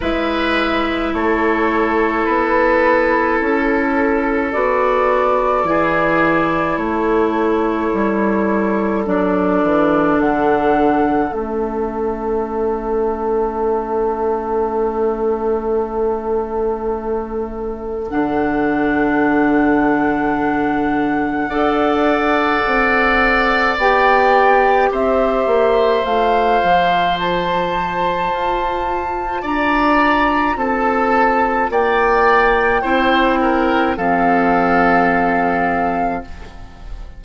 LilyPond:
<<
  \new Staff \with { instrumentName = "flute" } { \time 4/4 \tempo 4 = 53 e''4 cis''4 b'4 a'4 | d''2 cis''2 | d''4 fis''4 e''2~ | e''1 |
fis''1~ | fis''4 g''4 e''4 f''4 | a''2 ais''4 a''4 | g''2 f''2 | }
  \new Staff \with { instrumentName = "oboe" } { \time 4/4 b'4 a'2.~ | a'4 gis'4 a'2~ | a'1~ | a'1~ |
a'2. d''4~ | d''2 c''2~ | c''2 d''4 a'4 | d''4 c''8 ais'8 a'2 | }
  \new Staff \with { instrumentName = "clarinet" } { \time 4/4 e'1 | fis'4 e'2. | d'2 cis'2~ | cis'1 |
d'2. a'4~ | a'4 g'2 f'4~ | f'1~ | f'4 e'4 c'2 | }
  \new Staff \with { instrumentName = "bassoon" } { \time 4/4 gis4 a4 b4 cis'4 | b4 e4 a4 g4 | fis8 e8 d4 a2~ | a1 |
d2. d'4 | c'4 b4 c'8 ais8 a8 f8~ | f4 f'4 d'4 c'4 | ais4 c'4 f2 | }
>>